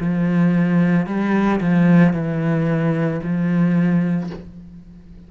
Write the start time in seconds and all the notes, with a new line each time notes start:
0.00 F3
1.06 G3
1.60 F3
2.13 E3
3.22 F3